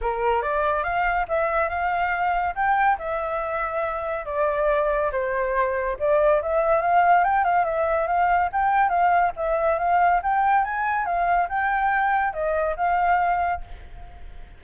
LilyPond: \new Staff \with { instrumentName = "flute" } { \time 4/4 \tempo 4 = 141 ais'4 d''4 f''4 e''4 | f''2 g''4 e''4~ | e''2 d''2 | c''2 d''4 e''4 |
f''4 g''8 f''8 e''4 f''4 | g''4 f''4 e''4 f''4 | g''4 gis''4 f''4 g''4~ | g''4 dis''4 f''2 | }